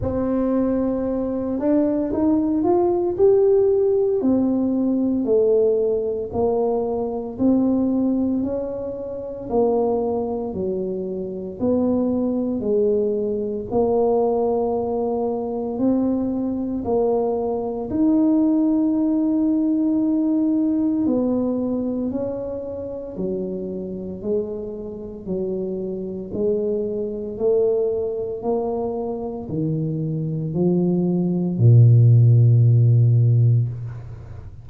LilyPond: \new Staff \with { instrumentName = "tuba" } { \time 4/4 \tempo 4 = 57 c'4. d'8 dis'8 f'8 g'4 | c'4 a4 ais4 c'4 | cis'4 ais4 fis4 b4 | gis4 ais2 c'4 |
ais4 dis'2. | b4 cis'4 fis4 gis4 | fis4 gis4 a4 ais4 | dis4 f4 ais,2 | }